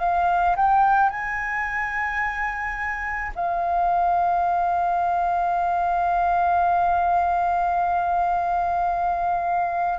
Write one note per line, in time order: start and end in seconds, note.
0.00 0.56 F5
0.56 1.09 G5
1.09 3.31 G#5
3.35 9.98 F5